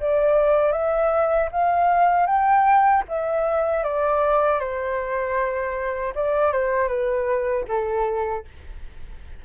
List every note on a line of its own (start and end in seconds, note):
0.00 0.72 D5
0.72 1.49 E5
1.51 2.26 F5
2.26 3.03 G5
3.08 3.83 E5
3.83 4.59 D5
4.59 6.13 C5
6.15 6.52 D5
6.52 6.88 C5
6.88 7.65 B4
7.68 8.45 A4